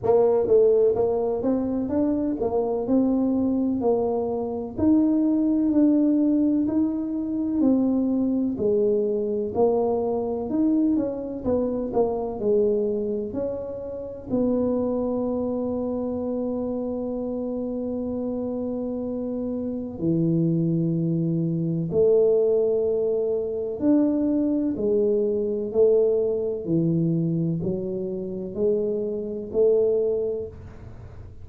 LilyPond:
\new Staff \with { instrumentName = "tuba" } { \time 4/4 \tempo 4 = 63 ais8 a8 ais8 c'8 d'8 ais8 c'4 | ais4 dis'4 d'4 dis'4 | c'4 gis4 ais4 dis'8 cis'8 | b8 ais8 gis4 cis'4 b4~ |
b1~ | b4 e2 a4~ | a4 d'4 gis4 a4 | e4 fis4 gis4 a4 | }